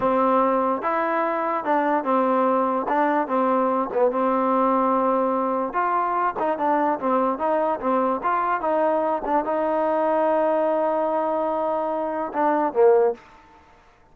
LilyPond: \new Staff \with { instrumentName = "trombone" } { \time 4/4 \tempo 4 = 146 c'2 e'2 | d'4 c'2 d'4 | c'4. b8 c'2~ | c'2 f'4. dis'8 |
d'4 c'4 dis'4 c'4 | f'4 dis'4. d'8 dis'4~ | dis'1~ | dis'2 d'4 ais4 | }